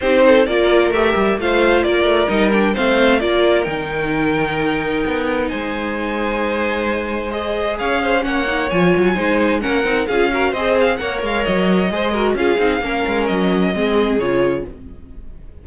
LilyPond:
<<
  \new Staff \with { instrumentName = "violin" } { \time 4/4 \tempo 4 = 131 c''4 d''4 e''4 f''4 | d''4 dis''8 g''8 f''4 d''4 | g''1 | gis''1 |
dis''4 f''4 fis''4 gis''4~ | gis''4 fis''4 f''4 dis''8 f''8 | fis''8 f''8 dis''2 f''4~ | f''4 dis''2 cis''4 | }
  \new Staff \with { instrumentName = "violin" } { \time 4/4 g'8 a'8 ais'2 c''4 | ais'2 c''4 ais'4~ | ais'1 | c''1~ |
c''4 cis''8 c''8 cis''2 | c''4 ais'4 gis'8 ais'8 c''4 | cis''2 c''8 ais'8 gis'4 | ais'2 gis'2 | }
  \new Staff \with { instrumentName = "viola" } { \time 4/4 dis'4 f'4 g'4 f'4~ | f'4 dis'8 d'8 c'4 f'4 | dis'1~ | dis'1 |
gis'2 cis'8 dis'8 f'4 | dis'4 cis'8 dis'8 f'8 fis'8 gis'4 | ais'2 gis'8 fis'8 f'8 dis'8 | cis'2 c'4 f'4 | }
  \new Staff \with { instrumentName = "cello" } { \time 4/4 c'4 ais4 a8 g8 a4 | ais8 a8 g4 a4 ais4 | dis2. b4 | gis1~ |
gis4 cis'4 ais4 f8 fis8 | gis4 ais8 c'8 cis'4 c'4 | ais8 gis8 fis4 gis4 cis'8 c'8 | ais8 gis8 fis4 gis4 cis4 | }
>>